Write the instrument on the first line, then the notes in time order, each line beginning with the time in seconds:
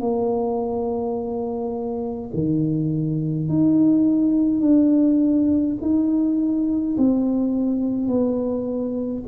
tuba
0.00 A#3
2.34 D#3
3.49 D#4
4.62 D4
5.82 D#4
6.98 C4
8.08 B3